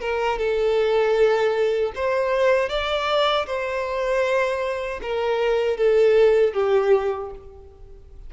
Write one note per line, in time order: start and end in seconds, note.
0.00 0.38 A#4
0.38 1.92 A4
1.95 2.69 C5
2.69 3.46 D5
3.46 5.00 C5
5.02 5.77 A#4
5.77 6.53 A4
6.53 7.30 G4